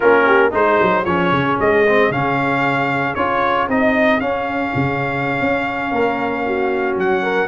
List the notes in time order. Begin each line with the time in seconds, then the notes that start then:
0.00 A#3 C#4 F4 A#4
0.26 G4
0.51 G#3 D#4 G#4 C5
0.81 F#3
1.04 F3 C#4 C#5
1.31 C#3
1.59 G#3 D#5
1.88 C4
2.09 C#3 C#4 F5
3.15 C#4 F4 C#5
3.68 C4 D#4 D#5
4.20 C#4 F5
4.75 C#3
5.40 C#4
5.91 A#3 A#4
6.46 F#4
6.96 F#3 F#5
7.23 A#4